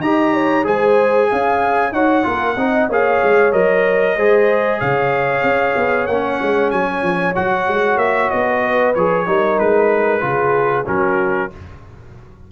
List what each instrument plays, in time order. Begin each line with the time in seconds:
0.00 tuba D#4, trombone G4, horn D#5, trumpet A#5
0.33 horn C#5
0.63 tuba G#3, trombone G#4, horn C5, trumpet G#5
1.30 tuba C#4, horn F5
1.92 tuba D#4, trombone F#4, horn C#5, trumpet F#5
2.23 tuba A#3, trombone F4, horn A#4
2.56 tuba C4, trombone D#4, horn D#5
2.89 tuba A#3, trombone G#4, horn C#5, trumpet F5
3.23 tuba G#3
3.52 tuba F#3, trombone A#4, trumpet D#5
4.16 tuba G#3, trombone G#4, horn C5
4.79 tuba C#3, horn C#5, trumpet F5
5.43 tuba C#4
5.76 tuba B3
6.06 tuba A#3, trombone C#4, trumpet F#5
6.42 tuba G#3
6.70 tuba F#3, trumpet G#5
7.02 tuba F3
7.35 tuba F#3, trombone F#4, trumpet F#5
7.67 tuba G#3
7.97 tuba A#3, trumpet E5
8.30 tuba B3, trumpet D#5
8.62 horn B4
8.95 tuba F3, trombone G#4, trumpet C#5
9.26 tuba G3, trombone D#4, horn A#4
9.59 tuba G#3, trumpet B4
10.20 tuba C#3, trombone F4, horn G#4
10.86 tuba F#3, trombone C#4, horn F#4, trumpet A#4